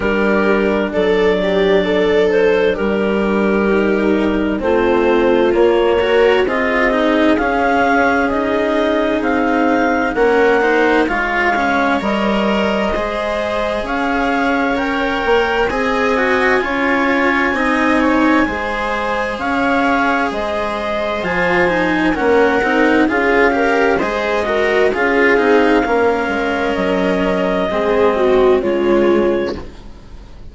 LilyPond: <<
  \new Staff \with { instrumentName = "clarinet" } { \time 4/4 \tempo 4 = 65 ais'4 d''4. c''8 ais'4~ | ais'4 c''4 cis''4 dis''4 | f''4 dis''4 f''4 fis''4 | f''4 dis''2 f''4 |
g''4 gis''2.~ | gis''4 f''4 dis''4 gis''4 | fis''4 f''4 dis''4 f''4~ | f''4 dis''2 cis''4 | }
  \new Staff \with { instrumentName = "viola" } { \time 4/4 g'4 a'8 g'8 a'4 g'4~ | g'4 f'4. ais'8 gis'4~ | gis'2. ais'8 c''8 | cis''2 c''4 cis''4~ |
cis''4 dis''4 cis''4 dis''8 cis''8 | c''4 cis''4 c''2 | ais'4 gis'8 ais'8 c''8 ais'8 gis'4 | ais'2 gis'8 fis'8 f'4 | }
  \new Staff \with { instrumentName = "cello" } { \time 4/4 d'1 | dis'4 c'4 ais8 fis'8 f'8 dis'8 | cis'4 dis'2 cis'8 dis'8 | f'8 cis'8 ais'4 gis'2 |
ais'4 gis'8 fis'8 f'4 dis'4 | gis'2. f'8 dis'8 | cis'8 dis'8 f'8 g'8 gis'8 fis'8 f'8 dis'8 | cis'2 c'4 gis4 | }
  \new Staff \with { instrumentName = "bassoon" } { \time 4/4 g4 fis2 g4~ | g4 a4 ais4 c'4 | cis'2 c'4 ais4 | gis4 g4 gis4 cis'4~ |
cis'8 ais8 c'4 cis'4 c'4 | gis4 cis'4 gis4 f4 | ais8 c'8 cis'4 gis4 cis'8 c'8 | ais8 gis8 fis4 gis4 cis4 | }
>>